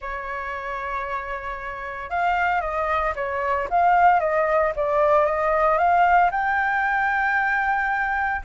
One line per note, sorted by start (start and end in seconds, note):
0.01 2.09 C#5
2.09 2.61 F5
2.61 3.13 D#5
3.15 3.68 C#5
3.70 4.20 F5
4.20 4.72 D#5
4.76 5.25 D5
5.25 5.78 D#5
5.78 6.30 F5
6.31 8.41 G5